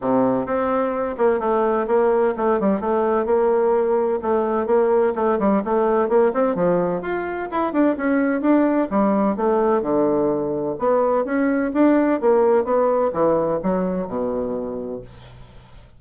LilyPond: \new Staff \with { instrumentName = "bassoon" } { \time 4/4 \tempo 4 = 128 c4 c'4. ais8 a4 | ais4 a8 g8 a4 ais4~ | ais4 a4 ais4 a8 g8 | a4 ais8 c'8 f4 f'4 |
e'8 d'8 cis'4 d'4 g4 | a4 d2 b4 | cis'4 d'4 ais4 b4 | e4 fis4 b,2 | }